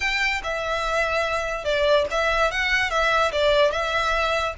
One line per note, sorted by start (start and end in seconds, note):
0.00 0.41 G5
0.43 1.64 E5
1.64 2.05 D5
2.10 2.51 E5
2.51 2.90 F#5
2.90 3.31 E5
3.31 3.71 D5
3.71 4.54 E5